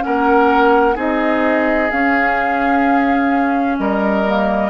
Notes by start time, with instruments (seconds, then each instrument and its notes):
0.00 clarinet C#4, oboe A#4, flute F#5
0.06 bassoon A#3
0.95 bassoon C4, clarinet D#4, oboe G#4, flute D#5
1.91 bassoon C#4, clarinet C#4, flute F5
3.79 bassoon G3, oboe A#4, flute D#5
4.27 clarinet A#3